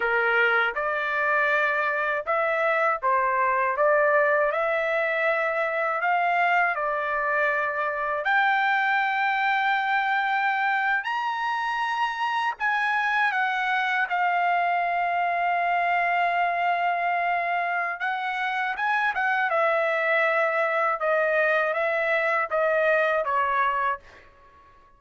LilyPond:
\new Staff \with { instrumentName = "trumpet" } { \time 4/4 \tempo 4 = 80 ais'4 d''2 e''4 | c''4 d''4 e''2 | f''4 d''2 g''4~ | g''2~ g''8. ais''4~ ais''16~ |
ais''8. gis''4 fis''4 f''4~ f''16~ | f''1 | fis''4 gis''8 fis''8 e''2 | dis''4 e''4 dis''4 cis''4 | }